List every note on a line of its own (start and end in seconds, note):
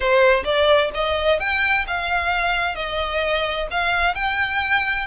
0.00 0.43 C5
0.44 0.90 D5
0.94 1.39 D#5
1.39 1.85 G5
1.87 2.75 F5
2.75 3.67 D#5
3.70 4.15 F5
4.15 5.07 G5